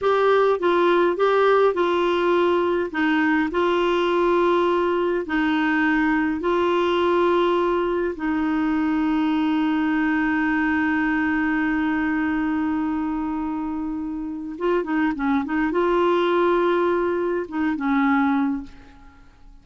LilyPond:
\new Staff \with { instrumentName = "clarinet" } { \time 4/4 \tempo 4 = 103 g'4 f'4 g'4 f'4~ | f'4 dis'4 f'2~ | f'4 dis'2 f'4~ | f'2 dis'2~ |
dis'1~ | dis'1~ | dis'4 f'8 dis'8 cis'8 dis'8 f'4~ | f'2 dis'8 cis'4. | }